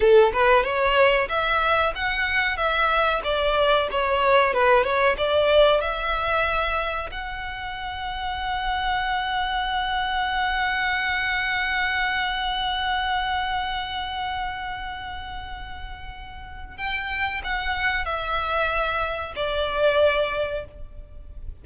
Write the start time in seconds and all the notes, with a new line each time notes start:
0.00 A4
0.33 B4
0.63 C#5
1.28 E5
1.95 F#5
2.56 E5
3.24 D5
3.91 C#5
4.53 B4
4.84 C#5
5.17 D5
5.81 E5
7.11 F#5
16.77 G5
17.44 F#5
18.05 E5
19.35 D5